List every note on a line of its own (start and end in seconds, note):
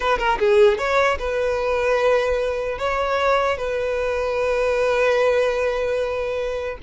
0.00 0.18 B4
0.18 0.38 A#4
0.39 0.78 G#4
0.78 1.18 C#5
1.18 2.78 B4
2.78 3.57 C#5
3.57 6.77 B4